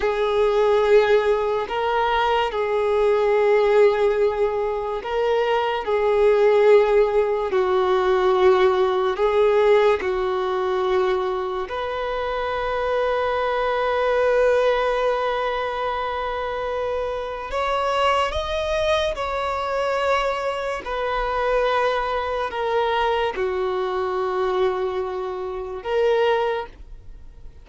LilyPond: \new Staff \with { instrumentName = "violin" } { \time 4/4 \tempo 4 = 72 gis'2 ais'4 gis'4~ | gis'2 ais'4 gis'4~ | gis'4 fis'2 gis'4 | fis'2 b'2~ |
b'1~ | b'4 cis''4 dis''4 cis''4~ | cis''4 b'2 ais'4 | fis'2. ais'4 | }